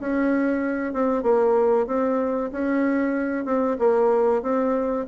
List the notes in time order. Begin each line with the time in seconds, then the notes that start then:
0.00 C#4
0.93 C4
1.23 A#3
1.87 C4
2.52 C#4
3.45 C4
3.79 A#3
4.42 C4